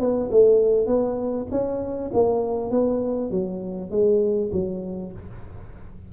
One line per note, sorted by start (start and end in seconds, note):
0.00 0.30 B3
0.31 0.87 A3
0.87 1.47 B3
1.51 2.11 C#4
2.14 2.71 A#3
2.71 3.31 B3
3.31 3.91 F#3
3.91 4.51 G#3
4.53 5.13 F#3